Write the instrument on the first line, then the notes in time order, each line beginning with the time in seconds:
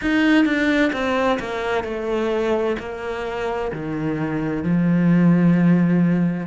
cello
0.01 D#4
0.45 D4
0.92 C4
1.39 A#3
1.84 A3
2.79 A#3
3.72 D#3
4.63 F3